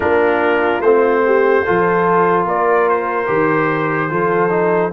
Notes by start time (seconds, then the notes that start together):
0.00 A#3 D4 F4 A#4
0.80 A3 C4 C5
1.25 G4
1.64 F3 F4 A4
2.45 A#3 A#4 D5
2.88 C5
3.27 D#3 G4
4.09 F3 F4 A4
4.49 D#4